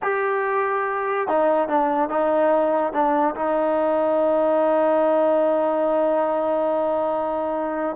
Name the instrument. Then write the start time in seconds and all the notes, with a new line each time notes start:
trombone
0.02 G4
1.27 D#4
1.68 D4
2.09 D#4
2.93 D4
3.35 D#4